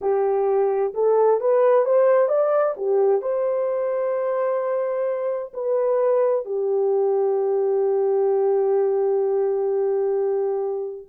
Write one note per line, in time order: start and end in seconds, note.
0.01 0.93 G4
0.94 1.40 A4
1.40 1.85 B4
1.85 2.28 C5
2.28 2.74 D5
2.77 3.21 G4
3.21 5.52 C5
5.53 6.45 B4
6.45 11.06 G4